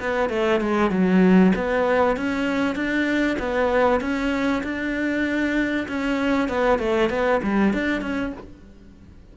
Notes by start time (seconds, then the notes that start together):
0.00 B3
0.30 A3
0.61 G#3
0.91 F#3
1.55 B3
2.17 C#4
2.76 D4
3.39 B3
4.01 C#4
4.64 D4
5.88 C#4
6.49 B3
6.79 A3
7.10 B3
7.43 G3
7.74 D4
8.02 C#4